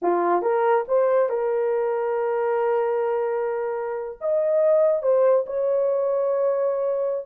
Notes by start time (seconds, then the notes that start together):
0.02 F4
0.42 A#4
0.88 C5
1.29 A#4
4.20 D#5
5.02 C5
5.46 C#5